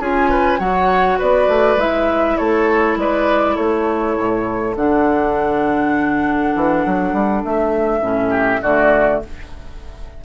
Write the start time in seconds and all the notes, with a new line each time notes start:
0.00 C#4 F4 G#4 G#5
0.30 B4
0.59 F#3 F#4 C#5 F#5
1.18 B3 B4 D5
1.48 A3
1.76 G#3 E4 E5
2.37 A3 A4 C#5
2.96 G#3 B4 D5
3.55 A3 A4 C#5
4.18 A2
4.76 D3 D4 F#5
6.55 E3
6.86 F#3
7.13 G3
7.44 A3 E5
8.01 A2 C#4
8.29 G4
8.62 D3 A3 F#4 D5